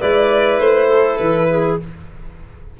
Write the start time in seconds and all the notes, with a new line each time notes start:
0.00 G#3 E4 B4 D5
0.59 A3 C5
0.88 A4
1.17 E3 B4
1.50 G#4